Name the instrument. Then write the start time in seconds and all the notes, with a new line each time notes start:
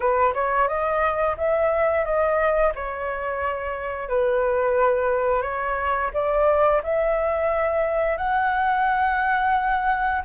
flute
0.00 B4
0.34 C#5
0.68 D#5
1.37 E5
2.05 D#5
2.75 C#5
4.08 B4
5.42 C#5
6.13 D5
6.83 E5
8.17 F#5